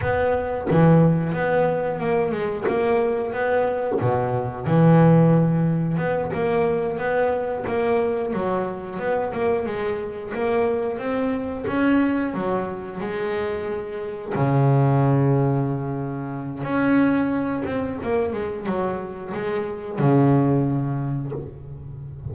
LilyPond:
\new Staff \with { instrumentName = "double bass" } { \time 4/4 \tempo 4 = 90 b4 e4 b4 ais8 gis8 | ais4 b4 b,4 e4~ | e4 b8 ais4 b4 ais8~ | ais8 fis4 b8 ais8 gis4 ais8~ |
ais8 c'4 cis'4 fis4 gis8~ | gis4. cis2~ cis8~ | cis4 cis'4. c'8 ais8 gis8 | fis4 gis4 cis2 | }